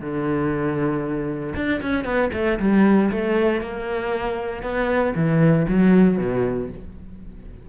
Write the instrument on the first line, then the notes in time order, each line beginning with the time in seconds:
cello
0.00 D3
1.55 D4
1.81 C#4
2.04 B3
2.33 A3
2.59 G3
3.10 A3
3.61 A#3
4.62 B3
5.15 E3
5.68 F#3
6.17 B2